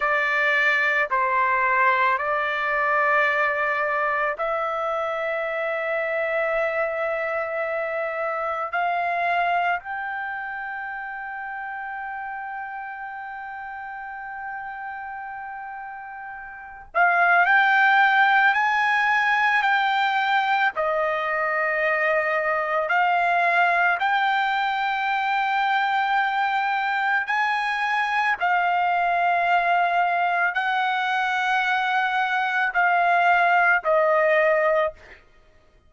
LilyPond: \new Staff \with { instrumentName = "trumpet" } { \time 4/4 \tempo 4 = 55 d''4 c''4 d''2 | e''1 | f''4 g''2.~ | g''2.~ g''8 f''8 |
g''4 gis''4 g''4 dis''4~ | dis''4 f''4 g''2~ | g''4 gis''4 f''2 | fis''2 f''4 dis''4 | }